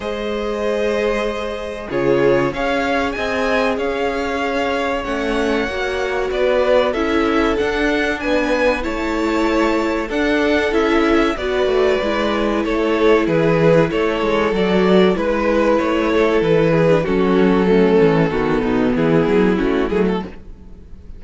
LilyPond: <<
  \new Staff \with { instrumentName = "violin" } { \time 4/4 \tempo 4 = 95 dis''2. cis''4 | f''4 gis''4 f''2 | fis''2 d''4 e''4 | fis''4 gis''4 a''2 |
fis''4 e''4 d''2 | cis''4 b'4 cis''4 d''4 | b'4 cis''4 b'4 a'4~ | a'2 gis'4 fis'8 gis'16 a'16 | }
  \new Staff \with { instrumentName = "violin" } { \time 4/4 c''2. gis'4 | cis''4 dis''4 cis''2~ | cis''2 b'4 a'4~ | a'4 b'4 cis''2 |
a'2 b'2 | a'4 gis'4 a'2 | b'4. a'4 gis'8 fis'4 | cis'4 fis'8 dis'8 e'2 | }
  \new Staff \with { instrumentName = "viola" } { \time 4/4 gis'2. f'4 | gis'1 | cis'4 fis'2 e'4 | d'2 e'2 |
d'4 e'4 fis'4 e'4~ | e'2. fis'4 | e'2~ e'8. d'16 cis'4 | a4 b2 cis'8 a8 | }
  \new Staff \with { instrumentName = "cello" } { \time 4/4 gis2. cis4 | cis'4 c'4 cis'2 | a4 ais4 b4 cis'4 | d'4 b4 a2 |
d'4 cis'4 b8 a8 gis4 | a4 e4 a8 gis8 fis4 | gis4 a4 e4 fis4~ | fis8 e8 dis8 b,8 e8 fis8 a8 fis8 | }
>>